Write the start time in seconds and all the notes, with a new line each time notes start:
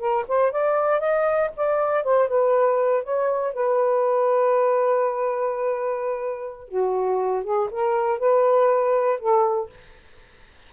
0.00 A#4
0.28 C5
0.52 D5
1.00 D#5
1.57 D5
2.04 C5
2.28 B4
3.04 C#5
3.54 B4
6.69 F#4
7.44 G#4
7.71 A#4
8.19 B4
9.19 A4